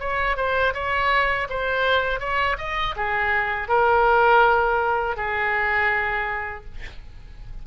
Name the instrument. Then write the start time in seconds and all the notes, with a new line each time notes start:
oboe
0.00 C#5
0.37 C5
0.74 C#5
1.49 C5
2.20 C#5
2.58 D#5
2.97 G#4
3.69 A#4
5.17 G#4